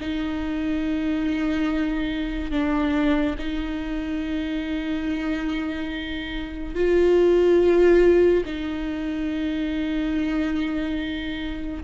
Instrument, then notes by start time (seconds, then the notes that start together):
viola
0.00 D#4
2.51 D4
3.38 D#4
6.75 F4
8.45 D#4